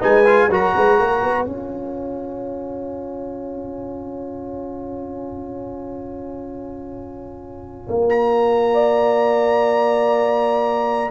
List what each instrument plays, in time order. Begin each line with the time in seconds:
0.00 tuba G#3, trombone D#4, horn B4, trumpet G#5
0.26 trombone F4
0.50 tuba F#3, trombone F#4, horn A#4, trumpet A#5
0.77 tuba G#3, horn B4
0.99 tuba A#3, horn C#5
1.23 tuba B3
1.47 tuba C#4, trombone F4, trumpet G#5
7.89 tuba A#3
8.10 trumpet A#5
8.73 horn D5